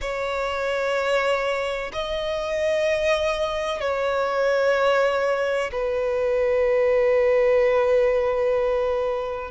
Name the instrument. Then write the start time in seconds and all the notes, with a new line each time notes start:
violin
0.01 C#5
1.92 D#5
3.80 C#5
5.71 B4